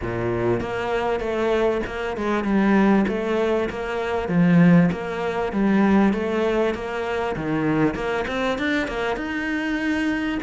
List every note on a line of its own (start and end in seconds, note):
0.02 0.60 A#2
0.60 1.20 A#3
1.20 1.81 A3
1.86 2.17 A#3
2.17 2.44 G#3
2.44 3.05 G3
3.08 3.69 A3
3.69 4.28 A#3
4.28 4.90 F3
4.91 5.52 A#3
5.52 6.13 G3
6.13 6.74 A3
6.74 7.35 A#3
7.36 7.94 D#3
7.94 8.25 A#3
8.27 8.58 C4
8.58 8.87 D4
8.87 9.16 A#3
9.16 10.38 D#4